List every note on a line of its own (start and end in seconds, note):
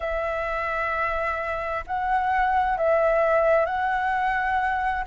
0.00 1.84 E5
1.86 2.77 F#5
2.77 3.65 E5
3.65 5.04 F#5